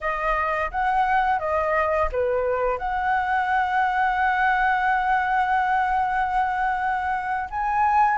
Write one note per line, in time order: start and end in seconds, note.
0.00 0.70 D#5
0.71 1.39 F#5
1.39 2.08 D#5
2.12 2.78 B4
2.78 7.49 F#5
7.50 8.18 G#5